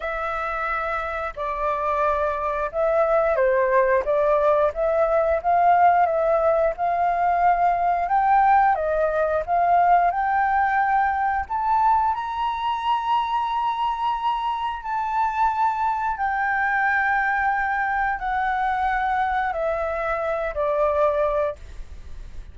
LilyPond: \new Staff \with { instrumentName = "flute" } { \time 4/4 \tempo 4 = 89 e''2 d''2 | e''4 c''4 d''4 e''4 | f''4 e''4 f''2 | g''4 dis''4 f''4 g''4~ |
g''4 a''4 ais''2~ | ais''2 a''2 | g''2. fis''4~ | fis''4 e''4. d''4. | }